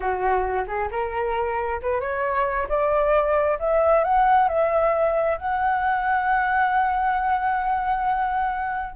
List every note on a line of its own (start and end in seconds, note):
0.00 0.65 F#4
0.67 0.89 G#4
0.91 1.80 A#4
1.81 2.00 B4
2.00 2.67 C#5
2.69 3.58 D5
3.59 4.03 E5
4.03 4.48 F#5
4.48 5.37 E5
5.37 8.95 F#5